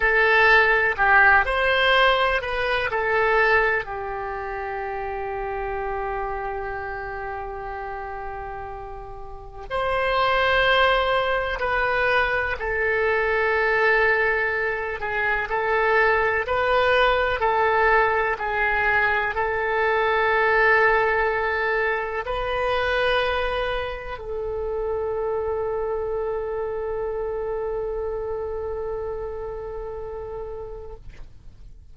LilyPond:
\new Staff \with { instrumentName = "oboe" } { \time 4/4 \tempo 4 = 62 a'4 g'8 c''4 b'8 a'4 | g'1~ | g'2 c''2 | b'4 a'2~ a'8 gis'8 |
a'4 b'4 a'4 gis'4 | a'2. b'4~ | b'4 a'2.~ | a'1 | }